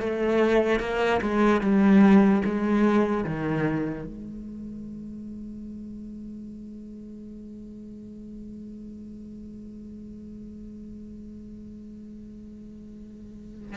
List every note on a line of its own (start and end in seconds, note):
0.00 0.80 A3
0.80 1.21 A#3
1.22 1.61 G#3
1.61 2.42 G3
2.45 3.24 G#3
3.24 4.05 D#3
4.05 13.77 G#3